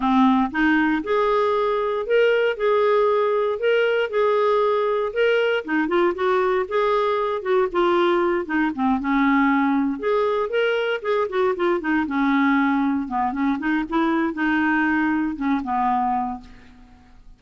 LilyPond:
\new Staff \with { instrumentName = "clarinet" } { \time 4/4 \tempo 4 = 117 c'4 dis'4 gis'2 | ais'4 gis'2 ais'4 | gis'2 ais'4 dis'8 f'8 | fis'4 gis'4. fis'8 f'4~ |
f'8 dis'8 c'8 cis'2 gis'8~ | gis'8 ais'4 gis'8 fis'8 f'8 dis'8 cis'8~ | cis'4. b8 cis'8 dis'8 e'4 | dis'2 cis'8 b4. | }